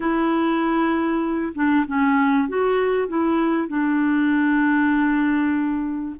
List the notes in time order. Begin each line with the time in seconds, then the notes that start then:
0.00 E4
1.54 D4
1.86 C#4
2.48 F#4
3.08 E4
3.68 D4